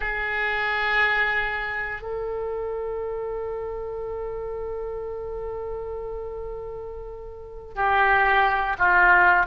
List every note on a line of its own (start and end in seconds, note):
0.00 2.01 G#4
2.01 7.74 A4
7.75 8.76 G4
8.78 9.46 F4